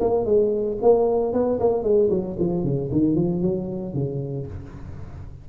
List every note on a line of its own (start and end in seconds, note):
0.00 0.25 A#3
0.25 0.78 G#3
0.82 1.33 A#3
1.33 1.59 B3
1.59 1.83 A#3
1.83 2.09 G#3
2.10 2.36 F#3
2.39 2.63 F3
2.63 2.90 C#3
2.92 3.15 D#3
3.15 3.42 F3
3.42 3.94 F#3
3.94 4.46 C#3